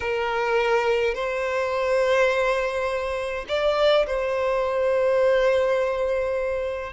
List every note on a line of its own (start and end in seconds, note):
0.00 1.14 A#4
1.14 3.45 C5
3.48 4.06 D5
4.06 6.92 C5